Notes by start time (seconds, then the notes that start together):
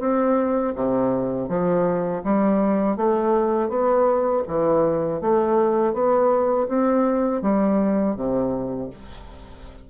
0.00 C4
0.75 C3
1.48 F3
2.24 G3
2.97 A3
3.69 B3
4.47 E3
5.21 A3
5.94 B3
6.68 C4
7.42 G3
8.16 C3